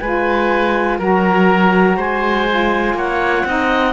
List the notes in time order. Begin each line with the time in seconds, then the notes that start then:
0.00 G#3 F4 B4 G#5
0.99 F#3 F#4 A#4 A#5
1.96 G#3 C5 G#5
2.49 F4
2.94 A#3 C#5 F#5
3.45 C4 D#4 D#5